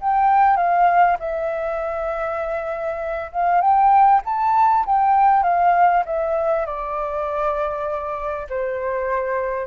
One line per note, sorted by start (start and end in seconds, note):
0.00 0.56 G5
0.56 1.17 F5
1.19 3.31 E5
3.32 3.61 F5
3.61 4.21 G5
4.25 4.85 A5
4.86 5.43 G5
5.43 6.03 F5
6.05 6.66 E5
6.66 8.47 D5
8.49 9.67 C5